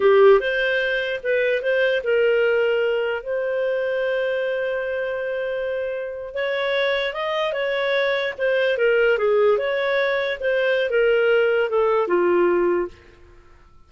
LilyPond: \new Staff \with { instrumentName = "clarinet" } { \time 4/4 \tempo 4 = 149 g'4 c''2 b'4 | c''4 ais'2. | c''1~ | c''2.~ c''8. cis''16~ |
cis''4.~ cis''16 dis''4 cis''4~ cis''16~ | cis''8. c''4 ais'4 gis'4 cis''16~ | cis''4.~ cis''16 c''4~ c''16 ais'4~ | ais'4 a'4 f'2 | }